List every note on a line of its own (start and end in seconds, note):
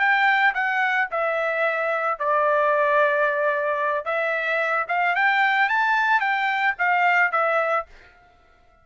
0.00 0.54 G5
0.55 1.09 F#5
1.11 2.19 E5
2.19 4.05 D5
4.05 4.86 E5
4.89 5.16 F5
5.16 5.70 G5
5.70 6.21 A5
6.21 6.75 G5
6.79 7.32 F5
7.32 7.86 E5